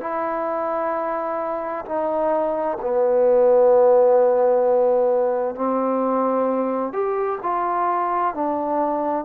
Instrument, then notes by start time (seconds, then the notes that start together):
trombone
0.00 E4
1.85 D#4
2.81 B3
5.55 C4
6.92 G4
7.42 F4
8.34 D4